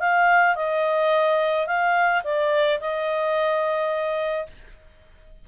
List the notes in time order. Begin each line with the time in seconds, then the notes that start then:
0.00 F5
0.56 D#5
1.67 F5
2.24 D5
2.80 D#5